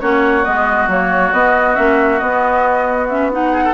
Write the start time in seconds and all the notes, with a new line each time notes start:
0.00 A#3 C#4 F#4 C#5
0.44 G#3 B3 D#5
0.87 F#3 A#3 C#5
1.32 B3 D#5
1.75 A#3 C#4 E5
2.19 B3 D#5
3.09 C#4 E5
3.31 D#4 F#5
3.52 G#4
3.64 A4